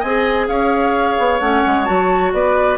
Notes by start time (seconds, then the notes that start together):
0.00 C4 D#5 G#5
0.06 G#4
0.48 C#4 C#5 F5
1.19 B3
1.40 A3 C#4 F#5
1.67 G#3
1.86 F#3 F#4 A5
2.33 B3 B4 D5